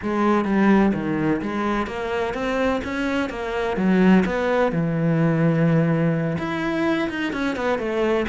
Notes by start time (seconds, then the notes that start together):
0.02 G#3
0.45 G3
0.94 D#3
1.41 G#3
1.86 A#3
2.33 C4
2.84 C#4
3.29 A#3
3.76 F#3
4.25 B3
4.72 E3
6.38 E4
7.09 D#4
7.32 C#4
7.55 B3
7.78 A3